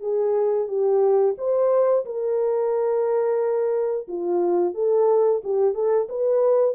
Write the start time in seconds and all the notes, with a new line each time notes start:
0.00 G#4
0.67 G4
1.38 C5
2.05 A#4
4.08 F4
4.74 A4
5.43 G4
5.74 A4
6.09 B4